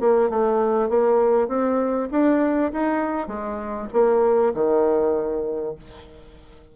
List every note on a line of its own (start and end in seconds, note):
0.00 0.29 A#3
0.29 0.89 A3
0.89 1.48 A#3
1.48 2.09 C4
2.11 2.72 D4
2.72 3.28 D#4
3.28 3.88 G#3
3.93 4.53 A#3
4.54 5.75 D#3